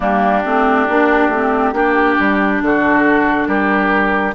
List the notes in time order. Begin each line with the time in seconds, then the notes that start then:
0.00 G3 A#3 D4 G4
0.44 A3 C4
0.88 A#3 D4
1.28 A3 C4
1.72 A#3 D4 G4
2.19 G3
2.61 D3 F#4 A4
3.46 G3 G4 A#4